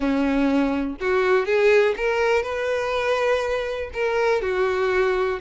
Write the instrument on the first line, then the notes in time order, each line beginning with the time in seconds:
violin
0.00 C#4
1.00 F#4
1.45 G#4
1.96 A#4
2.42 B4
3.93 A#4
4.41 F#4